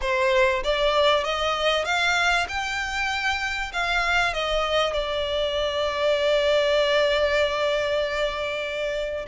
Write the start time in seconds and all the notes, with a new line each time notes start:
0.01 C5
0.63 D5
1.24 D#5
1.84 F5
2.48 G5
3.73 F5
4.33 D#5
4.93 D5